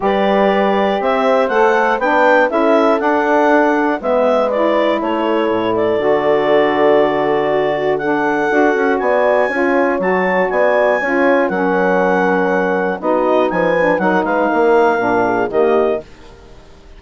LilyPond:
<<
  \new Staff \with { instrumentName = "clarinet" } { \time 4/4 \tempo 4 = 120 d''2 e''4 fis''4 | g''4 e''4 fis''2 | e''4 d''4 cis''4. d''8~ | d''1 |
fis''2 gis''2 | a''4 gis''2 fis''4~ | fis''2 dis''4 gis''4 | fis''8 f''2~ f''8 dis''4 | }
  \new Staff \with { instrumentName = "horn" } { \time 4/4 b'2 c''2 | b'4 a'2. | b'2 a'2~ | a'2. fis'4 |
a'2 d''4 cis''4~ | cis''4 d''4 cis''4 ais'4~ | ais'2 fis'4 b'4 | ais'8 b'8 ais'4. gis'8 g'4 | }
  \new Staff \with { instrumentName = "saxophone" } { \time 4/4 g'2. a'4 | d'4 e'4 d'2 | b4 e'2. | fis'1 |
d'4 fis'2 f'4 | fis'2 f'4 cis'4~ | cis'2 dis'4. d'8 | dis'2 d'4 ais4 | }
  \new Staff \with { instrumentName = "bassoon" } { \time 4/4 g2 c'4 a4 | b4 cis'4 d'2 | gis2 a4 a,4 | d1~ |
d4 d'8 cis'8 b4 cis'4 | fis4 b4 cis'4 fis4~ | fis2 b4 f4 | fis8 gis8 ais4 ais,4 dis4 | }
>>